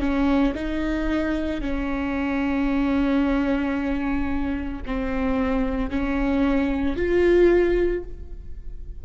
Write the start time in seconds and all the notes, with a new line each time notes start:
0.00 C#4
0.55 D#4
1.61 C#4
4.86 C4
5.90 C#4
6.96 F4